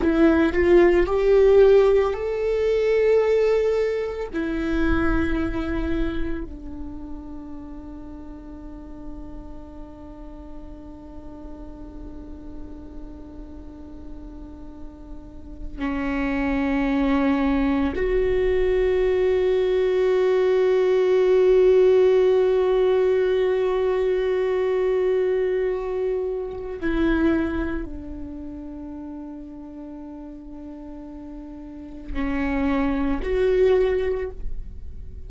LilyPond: \new Staff \with { instrumentName = "viola" } { \time 4/4 \tempo 4 = 56 e'8 f'8 g'4 a'2 | e'2 d'2~ | d'1~ | d'2~ d'8. cis'4~ cis'16~ |
cis'8. fis'2.~ fis'16~ | fis'1~ | fis'4 e'4 d'2~ | d'2 cis'4 fis'4 | }